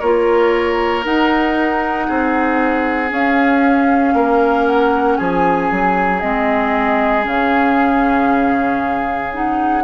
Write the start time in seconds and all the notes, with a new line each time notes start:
0.00 A#3 F4 A#4 C#5
1.03 D#4 F#5
2.08 C4 G#4
3.08 C#4 F5
4.14 A#3 A#4
4.67 F#5
5.17 F3 G#4 G#5
5.71 F#3
6.21 G#3 C4 D#5
7.23 C#3 C#4 F5
9.33 D#4 F#5